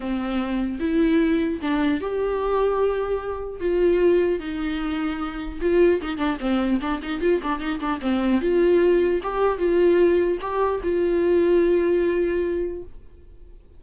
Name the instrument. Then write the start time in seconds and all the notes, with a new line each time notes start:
viola
0.00 C4
0.79 E4
1.61 D4
2.00 G4
3.59 F4
4.39 D#4
5.60 F4
6.01 D#4
6.17 D4
6.39 C4
6.81 D4
7.02 D#4
7.21 F4
7.42 D4
7.59 D#4
7.79 D4
8.01 C4
8.41 F4
9.22 G4
9.58 F4
10.40 G4
10.83 F4